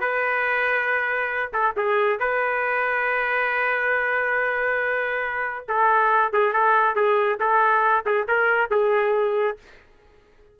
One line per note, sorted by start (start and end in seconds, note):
0.00 1.52 B4
1.53 1.74 A4
1.76 2.19 G#4
2.19 5.67 B4
5.68 6.33 A4
6.33 6.53 G#4
6.53 6.95 A4
6.95 7.39 G#4
7.40 8.05 A4
8.05 8.27 G#4
8.28 8.71 A#4
8.71 9.58 G#4